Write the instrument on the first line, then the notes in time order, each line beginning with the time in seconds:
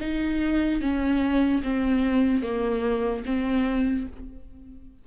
viola
0.00 D#4
0.81 C#4
1.63 C4
2.43 A#3
3.25 C4